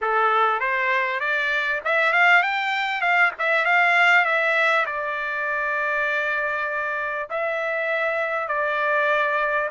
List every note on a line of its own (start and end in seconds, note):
0.01 0.60 A4
0.60 1.20 C5
1.20 1.80 D5
1.85 2.12 E5
2.12 2.42 F5
2.42 3.01 G5
3.01 3.31 F5
3.38 3.65 E5
3.65 4.25 F5
4.25 4.85 E5
4.86 7.28 D5
7.30 8.48 E5
8.48 9.69 D5